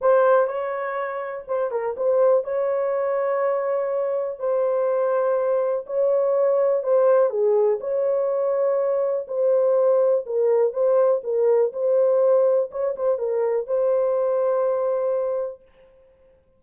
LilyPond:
\new Staff \with { instrumentName = "horn" } { \time 4/4 \tempo 4 = 123 c''4 cis''2 c''8 ais'8 | c''4 cis''2.~ | cis''4 c''2. | cis''2 c''4 gis'4 |
cis''2. c''4~ | c''4 ais'4 c''4 ais'4 | c''2 cis''8 c''8 ais'4 | c''1 | }